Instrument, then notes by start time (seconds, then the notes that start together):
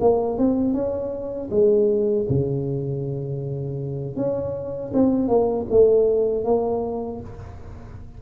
tuba
0.00 A#3
0.38 C4
0.74 C#4
1.50 G#3
2.29 C#3
4.16 C#4
4.93 C4
5.28 A#3
5.70 A3
6.44 A#3